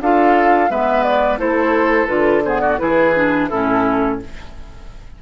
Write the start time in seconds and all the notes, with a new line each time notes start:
0.00 D4 F4 A4 F5
0.70 G#3 B3 B4 E5
1.03 D5
1.38 A3 E4 A4 C5
2.07 D3 F4 B4
2.45 B3 G#4 C5
2.61 F#4 D5
2.78 E3 E4 G#4 B4
3.15 D4
3.49 A2 C#4 E4 A4